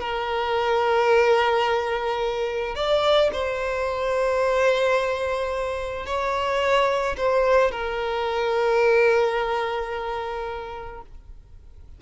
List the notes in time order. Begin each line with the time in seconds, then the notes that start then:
0.00 A#4
2.75 D5
3.33 C5
6.06 C#5
7.18 C5
7.71 A#4